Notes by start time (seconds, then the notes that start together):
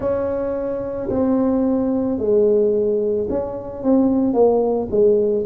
0.00 C#4
1.09 C4
2.18 G#3
3.29 C#4
3.83 C4
4.33 A#3
4.90 G#3